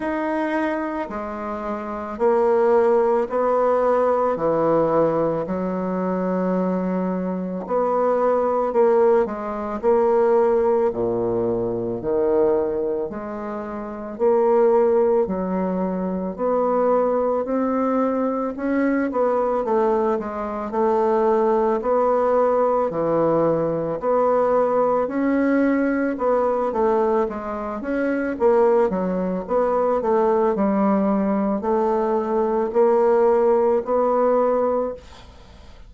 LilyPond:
\new Staff \with { instrumentName = "bassoon" } { \time 4/4 \tempo 4 = 55 dis'4 gis4 ais4 b4 | e4 fis2 b4 | ais8 gis8 ais4 ais,4 dis4 | gis4 ais4 fis4 b4 |
c'4 cis'8 b8 a8 gis8 a4 | b4 e4 b4 cis'4 | b8 a8 gis8 cis'8 ais8 fis8 b8 a8 | g4 a4 ais4 b4 | }